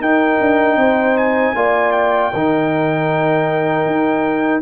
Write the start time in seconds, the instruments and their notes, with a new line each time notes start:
0.00 tuba D#4, trombone D#4, horn A#4, trumpet G5
0.41 tuba D4
0.76 tuba C4, horn C5
1.17 trumpet G#5
1.55 tuba A#3, trombone F4, horn D5
1.92 trumpet G5
2.32 tuba D#3, trombone D#4, horn A#4
3.86 tuba D#4